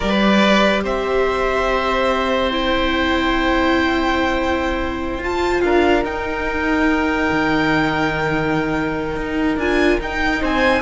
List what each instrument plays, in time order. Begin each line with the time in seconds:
0.00 cello G3, viola G4, oboe B4, violin D5
0.83 cello C4, oboe C5, violin E5
2.50 viola E4, violin G5
5.18 cello F4, viola F4, violin A5
5.61 cello D4, oboe A#4, violin F5
6.03 viola D#4, cello D#4, violin G5
7.31 cello D#3
9.16 cello D#4
9.56 cello D4, viola F4, violin G#5
10.00 cello D#4, viola D#4, violin G5
10.41 cello C4, oboe C5, violin G#5